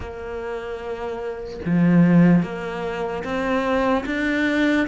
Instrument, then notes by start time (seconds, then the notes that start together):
cello
0.00 A#3
1.65 F3
2.42 A#3
3.24 C4
4.06 D4